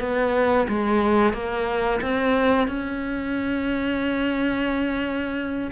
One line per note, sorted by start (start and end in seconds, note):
0.00 0.67 B3
0.69 1.33 G#3
1.33 2.01 A#3
2.02 2.68 C4
2.68 5.71 C#4